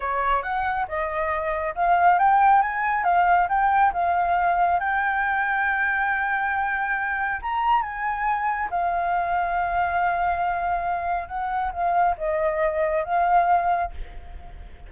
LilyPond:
\new Staff \with { instrumentName = "flute" } { \time 4/4 \tempo 4 = 138 cis''4 fis''4 dis''2 | f''4 g''4 gis''4 f''4 | g''4 f''2 g''4~ | g''1~ |
g''4 ais''4 gis''2 | f''1~ | f''2 fis''4 f''4 | dis''2 f''2 | }